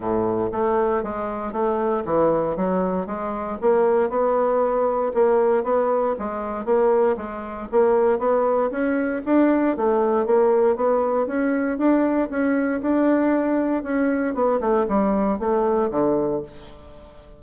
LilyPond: \new Staff \with { instrumentName = "bassoon" } { \time 4/4 \tempo 4 = 117 a,4 a4 gis4 a4 | e4 fis4 gis4 ais4 | b2 ais4 b4 | gis4 ais4 gis4 ais4 |
b4 cis'4 d'4 a4 | ais4 b4 cis'4 d'4 | cis'4 d'2 cis'4 | b8 a8 g4 a4 d4 | }